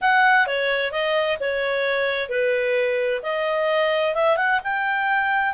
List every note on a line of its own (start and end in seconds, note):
0.01 0.47 F#5
0.47 0.91 C#5
0.91 1.37 D#5
1.40 2.29 C#5
2.29 3.21 B4
3.22 4.14 D#5
4.15 4.36 E5
4.36 4.59 F#5
4.63 5.53 G5